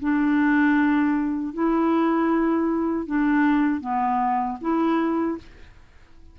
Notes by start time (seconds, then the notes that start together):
0.00 D4
1.53 E4
3.06 D4
3.81 B3
4.61 E4